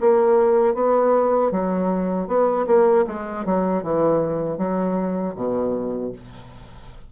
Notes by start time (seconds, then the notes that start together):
0.00 A#3
0.74 B3
1.51 F#3
2.28 B3
2.66 A#3
3.07 G#3
3.45 F#3
3.83 E3
4.58 F#3
5.35 B2